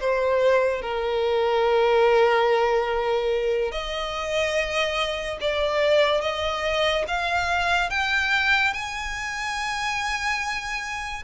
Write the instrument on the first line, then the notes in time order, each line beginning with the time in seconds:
violin
0.00 C5
0.82 A#4
3.72 D#5
5.41 D5
6.22 D#5
7.08 F5
7.91 G5
8.73 G#5